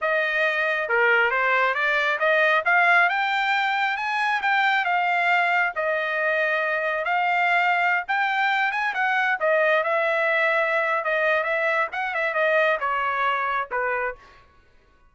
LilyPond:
\new Staff \with { instrumentName = "trumpet" } { \time 4/4 \tempo 4 = 136 dis''2 ais'4 c''4 | d''4 dis''4 f''4 g''4~ | g''4 gis''4 g''4 f''4~ | f''4 dis''2. |
f''2~ f''16 g''4. gis''16~ | gis''16 fis''4 dis''4 e''4.~ e''16~ | e''4 dis''4 e''4 fis''8 e''8 | dis''4 cis''2 b'4 | }